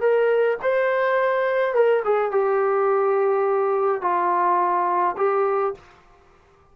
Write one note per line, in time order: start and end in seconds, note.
0.00 0.57 A#4
0.62 1.74 C5
1.74 2.03 A#4
2.04 2.31 G#4
2.31 4.01 G4
4.01 5.16 F4
5.17 5.74 G4